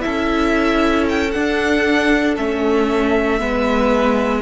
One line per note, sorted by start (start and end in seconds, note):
0.00 1.35 C#4
0.00 1.29 E4
0.00 3.41 A4
0.00 1.05 E5
1.09 1.31 G5
1.31 2.36 D4
1.31 2.37 D4
1.31 2.34 F#5
2.36 3.41 A3
2.36 3.39 C#4
2.36 4.42 E5
3.39 4.42 G#3
3.39 4.42 B3
3.39 4.42 B4